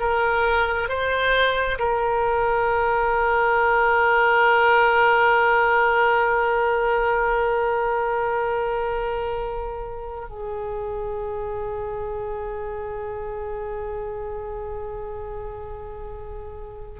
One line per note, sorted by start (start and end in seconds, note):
0.00 0.89 A#4
0.89 1.79 C5
1.79 10.29 A#4
10.29 17.00 G#4